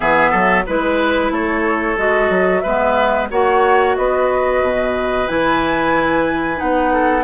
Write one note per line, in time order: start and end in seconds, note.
0.00 0.33 E3
0.00 0.65 B3
0.00 0.30 G#4
0.00 0.65 E5
0.30 0.66 F#3
0.30 0.63 A4
0.66 1.30 G#3
0.66 1.97 E4
0.66 1.32 B4
1.30 1.96 A3
1.30 2.62 A4
1.30 1.98 C#5
1.97 2.29 G#3
1.97 2.63 F#4
1.97 2.59 D#5
2.29 2.62 F#3
2.59 3.30 G#3
2.59 3.30 B3
2.59 3.28 B4
2.59 3.25 E5
3.30 3.96 A#3
3.30 5.27 F#4
3.30 3.96 C#5
3.30 3.96 F#5
3.96 4.62 B3
3.96 6.92 B4
3.96 5.27 D#5
4.62 5.27 B2
5.27 6.61 E3
5.27 6.56 E4
5.27 6.59 G#5
6.56 7.24 B3
6.56 7.22 D#4
6.56 7.24 F#5
6.92 7.24 A4